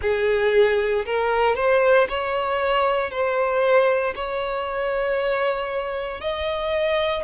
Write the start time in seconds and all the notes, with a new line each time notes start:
0.01 G#4
1.05 A#4
1.55 C5
2.08 C#5
3.10 C5
4.15 C#5
6.21 D#5